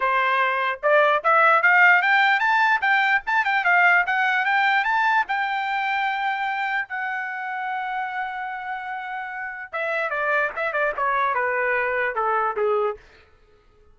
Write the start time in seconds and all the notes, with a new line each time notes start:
0.00 C5
0.82 D5
1.23 E5
1.62 F5
2.02 G5
2.39 A5
2.81 G5
3.26 A5
3.44 G5
3.64 F5
4.06 F#5
4.45 G5
4.84 A5
5.27 G5
6.88 F#5
9.72 E5
10.09 D5
10.56 E5
10.72 D5
10.96 C#5
11.34 B4
12.15 A4
12.56 G#4